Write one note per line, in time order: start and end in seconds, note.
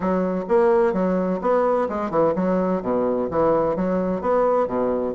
0.00 0.44 F#3
0.48 0.93 A#3
0.93 1.40 F#3
1.41 1.88 B3
1.89 2.10 G#3
2.10 2.33 E3
2.35 2.82 F#3
2.82 3.29 B2
3.30 3.76 E3
3.76 4.21 F#3
4.21 4.67 B3
4.67 5.13 B2